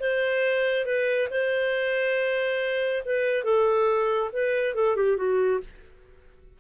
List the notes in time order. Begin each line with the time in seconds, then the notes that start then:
0.00 C5
0.86 B4
1.30 C5
3.05 B4
3.44 A4
4.33 B4
4.75 A4
4.96 G4
5.17 F#4